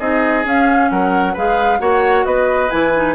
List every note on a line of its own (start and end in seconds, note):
0.00 0.45 C4
0.00 0.45 D#4
0.00 0.90 G#4
0.00 0.45 D#5
0.45 1.35 C#4
0.45 0.91 C#4
0.45 0.90 F5
0.90 1.36 F#3
0.90 1.34 A#4
0.90 1.36 F#5
1.34 1.81 G#3
1.34 1.80 G#4
1.34 1.79 B4
1.34 1.81 F5
1.80 2.26 A#3
1.80 2.70 F#4
1.80 2.26 C#5
1.80 2.26 F#5
2.26 2.71 B3
2.26 3.16 B4
2.26 2.71 D#5
2.70 3.16 E3
2.70 2.92 E4
2.70 3.16 G#5
2.96 3.16 D#4